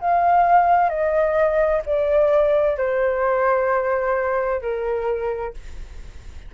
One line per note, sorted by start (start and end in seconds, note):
0.00 0.89 F5
0.89 1.81 D#5
1.86 2.77 D5
2.77 4.61 C5
4.61 5.53 A#4